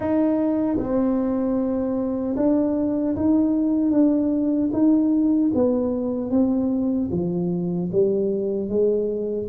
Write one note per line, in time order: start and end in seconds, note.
0.00 0.77 D#4
0.78 2.35 C4
2.36 3.15 D4
3.16 3.91 D#4
3.91 4.70 D4
4.72 5.51 D#4
5.54 6.30 B3
6.30 7.09 C4
7.11 7.89 F3
7.92 8.68 G3
8.68 9.47 G#3